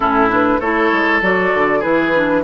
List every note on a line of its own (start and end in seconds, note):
0.00 0.59 A2
0.00 0.29 C#4
0.00 0.60 E4
0.00 0.30 A4
0.29 0.60 D4
0.29 0.59 B4
0.59 0.91 A3
0.59 1.21 E4
0.59 1.79 A4
0.59 1.21 C#5
0.92 1.21 G#3
1.21 1.52 F#3
1.21 1.81 F#4
1.21 1.82 D5
1.53 1.84 D3
1.79 2.43 E3
1.79 2.12 E4
1.79 2.40 G#4
1.79 2.43 B4
2.14 2.43 D4